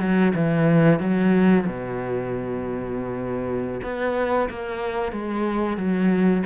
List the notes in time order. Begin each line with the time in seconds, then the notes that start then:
0.00 F#3
0.35 E3
1.00 F#3
1.67 B2
3.84 B3
4.50 A#3
5.12 G#3
5.78 F#3